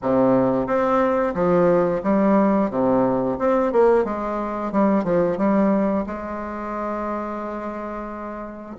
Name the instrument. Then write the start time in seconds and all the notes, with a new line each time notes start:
bassoon
0.02 C3
0.66 C4
1.34 F3
2.03 G3
2.70 C3
3.39 C4
3.72 A#3
4.04 G#3
4.72 G3
5.04 F3
5.37 G3
6.06 G#3